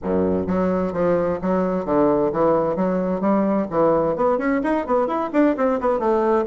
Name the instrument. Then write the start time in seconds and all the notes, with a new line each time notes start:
bassoon
0.03 F#2
0.46 F#3
0.93 F3
1.41 F#3
1.85 D3
2.32 E3
2.76 F#3
3.20 G3
3.70 E3
4.15 B3
4.38 C#4
4.63 D#4
4.86 B3
5.07 E4
5.33 D4
5.56 C4
5.80 B3
5.99 A3